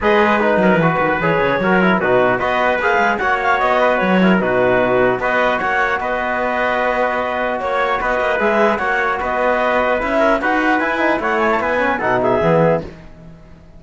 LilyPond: <<
  \new Staff \with { instrumentName = "clarinet" } { \time 4/4 \tempo 4 = 150 dis''4 b'2 cis''4~ | cis''4 b'4 dis''4 f''4 | fis''8 f''8 dis''4 cis''4 b'4~ | b'4 dis''4 fis''4 dis''4~ |
dis''2. cis''4 | dis''4 e''4 fis''4 dis''4~ | dis''4 e''4 fis''4 gis''4 | fis''8 gis''16 a''16 gis''4 fis''8 e''4. | }
  \new Staff \with { instrumentName = "trumpet" } { \time 4/4 b'4. ais'8 b'2 | ais'4 fis'4 b'2 | cis''4. b'4 ais'8 fis'4~ | fis'4 b'4 cis''4 b'4~ |
b'2. cis''4 | b'2 cis''4 b'4~ | b'4. ais'8 b'2 | cis''4 b'4 a'8 gis'4. | }
  \new Staff \with { instrumentName = "trombone" } { \time 4/4 gis'4 dis'4 fis'4 gis'4 | fis'8 e'8 dis'4 fis'4 gis'4 | fis'2~ fis'8 e'8 dis'4~ | dis'4 fis'2.~ |
fis'1~ | fis'4 gis'4 fis'2~ | fis'4 e'4 fis'4 e'8 dis'8 | e'4. cis'8 dis'4 b4 | }
  \new Staff \with { instrumentName = "cello" } { \time 4/4 gis4. fis8 e8 dis8 e8 cis8 | fis4 b,4 b4 ais8 gis8 | ais4 b4 fis4 b,4~ | b,4 b4 ais4 b4~ |
b2. ais4 | b8 ais8 gis4 ais4 b4~ | b4 cis'4 dis'4 e'4 | a4 b4 b,4 e4 | }
>>